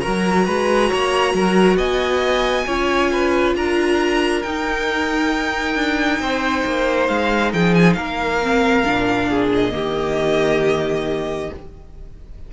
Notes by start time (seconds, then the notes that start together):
0.00 F#3 F#4 A#4 A#5
0.45 G#3 B4
0.89 A#3 C#5
1.34 F#3 A#4
1.76 B3 D#5 G#5
2.66 C#4 F4 C#5
3.12 B4
3.55 D4 A#4 A#5
4.42 D#4 G5
5.75 D4
6.19 C4 C5
6.65 A#3
7.07 G#3 F5
7.53 F3 G#4 G5
7.74 G#5
7.93 A#3 A#4 F5
8.42 C4
8.85 A#2 D4
9.29 G#4
9.54 D#5
9.71 D#3 A#3 G4